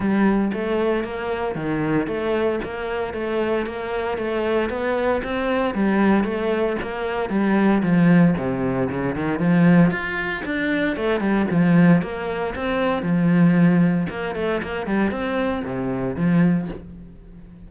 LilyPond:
\new Staff \with { instrumentName = "cello" } { \time 4/4 \tempo 4 = 115 g4 a4 ais4 dis4 | a4 ais4 a4 ais4 | a4 b4 c'4 g4 | a4 ais4 g4 f4 |
c4 cis8 dis8 f4 f'4 | d'4 a8 g8 f4 ais4 | c'4 f2 ais8 a8 | ais8 g8 c'4 c4 f4 | }